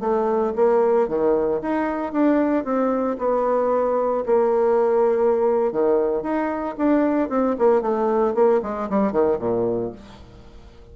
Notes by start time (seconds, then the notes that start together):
0.00 A3
0.56 A#3
1.08 D#3
1.61 D#4
2.13 D4
2.64 C4
3.18 B3
4.26 A#3
5.72 D#3
6.22 D#4
6.78 D4
7.29 C4
7.59 A#3
7.81 A3
8.35 A#3
8.63 G#3
8.90 G3
9.12 D#3
9.39 A#2